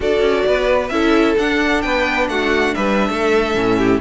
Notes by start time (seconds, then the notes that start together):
0.00 D4 F#4 A4 D5
0.20 C#4
0.46 B3 B4
0.88 C#4 E4 A4 E5
1.38 D4 F#5
1.81 B3 B4 G5
2.28 A3 F#4 F#5
2.74 G3 B4 E5
3.09 A3 A4
3.54 A2 C#4
3.77 G4